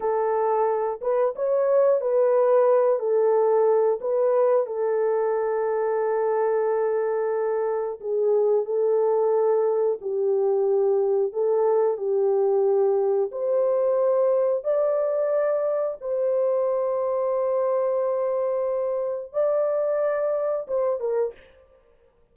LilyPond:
\new Staff \with { instrumentName = "horn" } { \time 4/4 \tempo 4 = 90 a'4. b'8 cis''4 b'4~ | b'8 a'4. b'4 a'4~ | a'1 | gis'4 a'2 g'4~ |
g'4 a'4 g'2 | c''2 d''2 | c''1~ | c''4 d''2 c''8 ais'8 | }